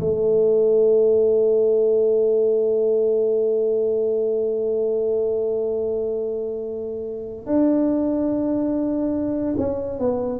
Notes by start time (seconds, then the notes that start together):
0.00 A3
7.46 D4
9.57 C#4
9.98 B3